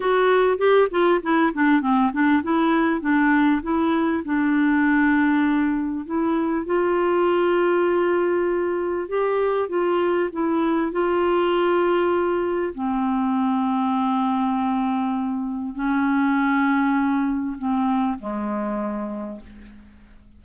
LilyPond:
\new Staff \with { instrumentName = "clarinet" } { \time 4/4 \tempo 4 = 99 fis'4 g'8 f'8 e'8 d'8 c'8 d'8 | e'4 d'4 e'4 d'4~ | d'2 e'4 f'4~ | f'2. g'4 |
f'4 e'4 f'2~ | f'4 c'2.~ | c'2 cis'2~ | cis'4 c'4 gis2 | }